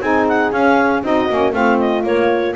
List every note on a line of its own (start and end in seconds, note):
0.00 0.51 C4
0.00 0.53 D#4
0.00 1.03 G#4
0.00 0.27 G#5
0.28 0.52 F#5
0.51 1.02 C#4
0.51 1.03 C#4
0.51 1.03 F5
1.03 1.28 C4
1.03 1.29 D#4
1.03 1.55 F#4
1.03 1.53 D#5
1.29 1.53 A#3
1.29 1.52 C#4
1.52 2.03 A3
1.52 2.03 C4
1.52 2.56 F4
1.52 1.79 F5
1.79 2.05 D#5
2.03 2.54 A#3
2.03 2.55 A#3
2.03 2.56 C#5